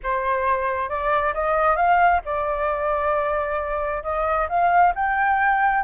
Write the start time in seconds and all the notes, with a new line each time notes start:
0.03 C5
0.89 D5
1.34 D#5
1.75 F5
2.25 D5
4.03 D#5
4.48 F5
4.95 G5